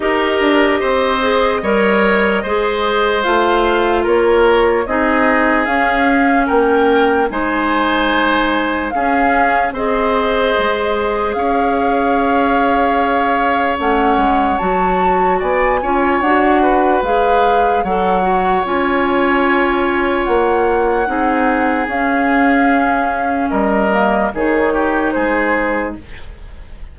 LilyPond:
<<
  \new Staff \with { instrumentName = "flute" } { \time 4/4 \tempo 4 = 74 dis''1 | f''4 cis''4 dis''4 f''4 | g''4 gis''2 f''4 | dis''2 f''2~ |
f''4 fis''4 a''4 gis''4 | fis''4 f''4 fis''4 gis''4~ | gis''4 fis''2 f''4~ | f''4 dis''4 cis''4 c''4 | }
  \new Staff \with { instrumentName = "oboe" } { \time 4/4 ais'4 c''4 cis''4 c''4~ | c''4 ais'4 gis'2 | ais'4 c''2 gis'4 | c''2 cis''2~ |
cis''2. d''8 cis''8~ | cis''8 b'4. cis''2~ | cis''2 gis'2~ | gis'4 ais'4 gis'8 g'8 gis'4 | }
  \new Staff \with { instrumentName = "clarinet" } { \time 4/4 g'4. gis'8 ais'4 gis'4 | f'2 dis'4 cis'4~ | cis'4 dis'2 cis'4 | gis'1~ |
gis'4 cis'4 fis'4. f'8 | fis'4 gis'4 a'8 fis'8 f'4~ | f'2 dis'4 cis'4~ | cis'4. ais8 dis'2 | }
  \new Staff \with { instrumentName = "bassoon" } { \time 4/4 dis'8 d'8 c'4 g4 gis4 | a4 ais4 c'4 cis'4 | ais4 gis2 cis'4 | c'4 gis4 cis'2~ |
cis'4 a8 gis8 fis4 b8 cis'8 | d'4 gis4 fis4 cis'4~ | cis'4 ais4 c'4 cis'4~ | cis'4 g4 dis4 gis4 | }
>>